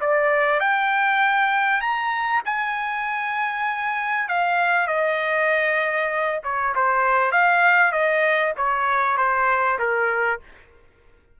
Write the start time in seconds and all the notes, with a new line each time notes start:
0.00 D5
0.60 G5
1.80 A#5
2.45 G#5
4.28 F5
4.87 D#5
6.43 C#5
6.75 C5
7.31 F5
7.92 D#5
8.56 C#5
9.17 C5
9.78 A#4